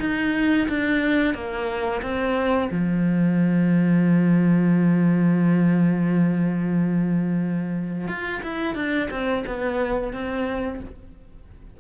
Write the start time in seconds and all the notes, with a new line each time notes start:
0.00 D#4
0.69 D4
1.34 A#3
2.02 C4
2.71 F3
8.08 F4
8.43 E4
8.75 D4
9.10 C4
9.47 B3
10.13 C4